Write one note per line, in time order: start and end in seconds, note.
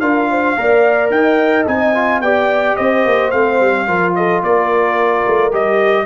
0.00 0.56 D4
0.00 0.57 F4
0.00 0.29 A#4
0.00 1.10 F5
0.30 0.58 C5
0.57 1.10 A#3
0.57 1.67 A#4
0.57 1.15 D5
1.10 1.65 D#4
1.10 2.23 D#5
1.10 1.66 G5
1.67 2.20 C4
1.67 1.94 D#4
1.67 2.21 G#5
1.94 2.22 F4
2.20 2.75 B3
2.20 3.33 G4
2.20 2.77 D5
2.20 2.76 G5
2.76 3.05 C4
2.76 3.87 C5
2.76 3.31 D#5
3.05 3.33 A#3
3.31 3.60 A3
3.31 3.87 C4
3.31 4.13 F5
3.60 3.87 G3
3.87 4.42 F3
3.87 5.51 F4
3.87 4.15 A#4
4.15 4.44 A4
4.15 4.43 D#5
4.43 5.25 A#3
4.43 6.06 A#4
4.43 5.53 D5
5.26 5.53 A3
5.51 6.06 G3
5.51 6.06 G4
5.51 6.06 D#5